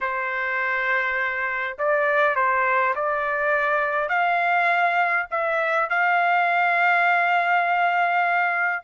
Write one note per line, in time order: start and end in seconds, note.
0.00 1.77 C5
1.78 2.35 D5
2.35 2.94 C5
2.95 4.08 D5
4.08 5.26 F5
5.30 5.89 E5
5.89 8.83 F5